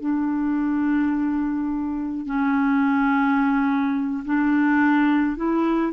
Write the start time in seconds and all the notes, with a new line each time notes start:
0.00 D4
2.26 C#4
4.25 D4
5.36 E4